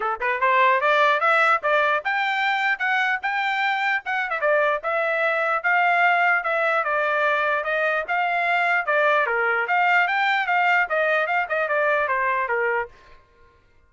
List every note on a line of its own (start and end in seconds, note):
0.00 0.19 A4
0.20 0.40 B4
0.40 0.80 C5
0.80 1.20 D5
1.20 1.60 E5
1.63 2.03 D5
2.04 2.78 G5
2.78 3.19 F#5
3.22 4.03 G5
4.05 4.30 F#5
4.30 4.40 E5
4.40 4.81 D5
4.83 5.63 E5
5.63 6.43 F5
6.43 6.83 E5
6.83 7.64 D5
7.64 8.04 D#5
8.07 8.86 F5
8.86 9.26 D5
9.26 9.66 A#4
9.67 10.07 F5
10.07 10.47 G5
10.47 10.87 F5
10.89 11.26 D#5
11.26 11.47 F5
11.48 11.68 D#5
11.68 12.08 D5
12.08 12.48 C5
12.48 12.88 A#4